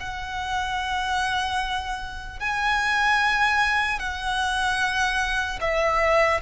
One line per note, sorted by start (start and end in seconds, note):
0.00 2.40 F#5
2.40 3.99 G#5
3.99 5.59 F#5
5.61 6.41 E5